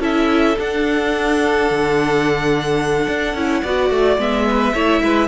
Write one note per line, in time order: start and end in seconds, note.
0.00 0.56 C#4
0.00 0.56 E4
0.00 3.62 A4
0.00 0.59 E5
0.59 1.70 D4
0.59 3.37 D4
0.59 4.21 F#5
1.71 3.08 D3
3.08 3.35 D4
3.35 3.63 C#4
3.35 3.65 E4
3.63 3.90 B3
3.63 4.19 F#4
3.63 4.46 D5
3.90 4.18 A3
4.18 4.74 G#3
4.18 4.74 B3
4.18 5.28 E5
4.50 4.75 B4
4.74 5.02 A3
4.74 5.28 E4
4.74 5.02 C#5
5.03 5.28 G#3
5.03 5.28 B4